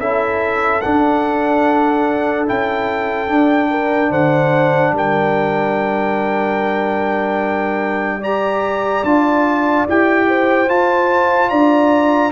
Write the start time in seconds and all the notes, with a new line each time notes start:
0.00 C#4 E4 A4 E5
0.82 D4 F#5
2.46 C#4 E4 G5
3.28 D4
3.71 A#4
4.11 D3 C5 F#5
4.93 G3 A#4 G5
8.19 G4 D5 A#5
9.04 D4 F4 A5
9.88 E4 G4 G5
10.28 C5
10.69 F4 A5
11.50 D4 D5 A#5